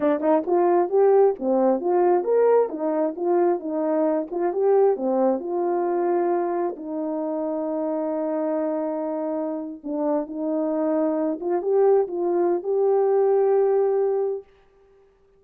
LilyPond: \new Staff \with { instrumentName = "horn" } { \time 4/4 \tempo 4 = 133 d'8 dis'8 f'4 g'4 c'4 | f'4 ais'4 dis'4 f'4 | dis'4. f'8 g'4 c'4 | f'2. dis'4~ |
dis'1~ | dis'4.~ dis'16 d'4 dis'4~ dis'16~ | dis'4~ dis'16 f'8 g'4 f'4~ f'16 | g'1 | }